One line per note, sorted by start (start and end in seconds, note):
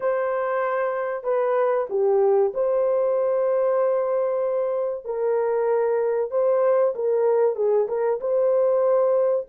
0.00 1.23 C5
1.23 1.86 B4
1.89 2.52 G4
2.53 5.04 C5
5.04 6.30 A#4
6.30 6.93 C5
6.95 7.55 A#4
7.55 7.87 G#4
7.88 8.19 A#4
8.20 9.46 C5